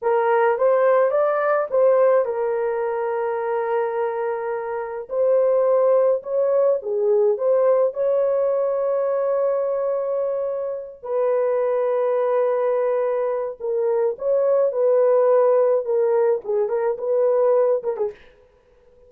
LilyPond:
\new Staff \with { instrumentName = "horn" } { \time 4/4 \tempo 4 = 106 ais'4 c''4 d''4 c''4 | ais'1~ | ais'4 c''2 cis''4 | gis'4 c''4 cis''2~ |
cis''2.~ cis''8 b'8~ | b'1 | ais'4 cis''4 b'2 | ais'4 gis'8 ais'8 b'4. ais'16 gis'16 | }